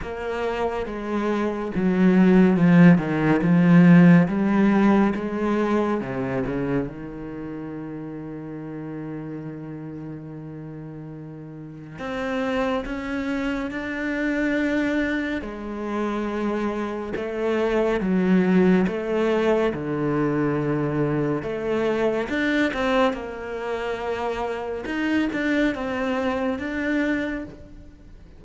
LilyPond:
\new Staff \with { instrumentName = "cello" } { \time 4/4 \tempo 4 = 70 ais4 gis4 fis4 f8 dis8 | f4 g4 gis4 c8 cis8 | dis1~ | dis2 c'4 cis'4 |
d'2 gis2 | a4 fis4 a4 d4~ | d4 a4 d'8 c'8 ais4~ | ais4 dis'8 d'8 c'4 d'4 | }